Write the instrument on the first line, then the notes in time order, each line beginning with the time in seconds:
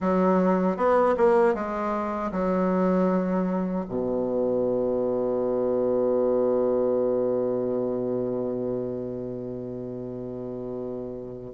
bassoon
0.00 F#3
0.77 B3
1.17 A#3
1.54 G#3
2.31 F#3
3.88 B2